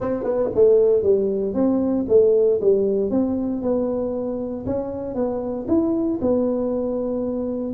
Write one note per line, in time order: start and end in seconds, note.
0.00 0.23 C4
0.23 0.49 B3
0.54 1.03 A3
1.03 1.54 G3
1.54 2.05 C4
2.08 2.60 A3
2.61 3.10 G3
3.10 3.62 C4
3.62 4.65 B3
4.66 5.14 C#4
5.14 5.66 B3
5.68 6.19 E4
6.21 7.73 B3